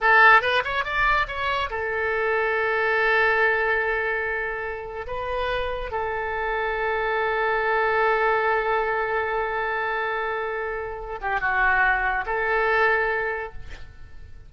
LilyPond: \new Staff \with { instrumentName = "oboe" } { \time 4/4 \tempo 4 = 142 a'4 b'8 cis''8 d''4 cis''4 | a'1~ | a'1 | b'2 a'2~ |
a'1~ | a'1~ | a'2~ a'8 g'8 fis'4~ | fis'4 a'2. | }